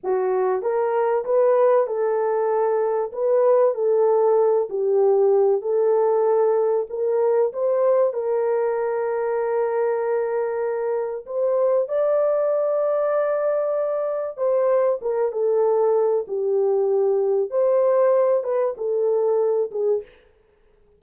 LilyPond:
\new Staff \with { instrumentName = "horn" } { \time 4/4 \tempo 4 = 96 fis'4 ais'4 b'4 a'4~ | a'4 b'4 a'4. g'8~ | g'4 a'2 ais'4 | c''4 ais'2.~ |
ais'2 c''4 d''4~ | d''2. c''4 | ais'8 a'4. g'2 | c''4. b'8 a'4. gis'8 | }